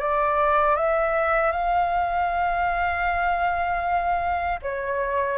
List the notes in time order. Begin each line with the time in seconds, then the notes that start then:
0.00 D5
0.77 E5
1.52 F5
4.63 C#5